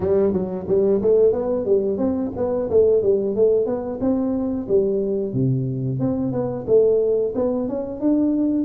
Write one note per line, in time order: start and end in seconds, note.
0.00 0.32 G3
0.32 0.66 F#3
0.68 1.01 G3
1.01 1.32 A3
1.32 1.65 B3
1.65 1.97 G3
1.97 2.31 C4
2.36 2.69 B3
2.69 3.02 A3
3.02 3.35 G3
3.35 3.65 A3
3.65 3.99 B3
4.00 4.67 C4
4.68 5.33 G3
5.33 5.99 C3
5.99 6.32 C4
6.32 6.65 B3
6.67 7.34 A3
7.35 7.68 B3
7.68 8.00 C#4
8.00 8.65 D4